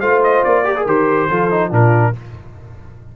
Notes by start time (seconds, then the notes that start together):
0.00 A3 F4 C5 F5
0.23 D#5
0.44 A#3 D5
0.65 G4 A#4
0.76 G#4
0.86 D#3 G4 C5
1.29 F3 F4 A4
1.51 D#4
1.70 A#2 D4 F4 A#4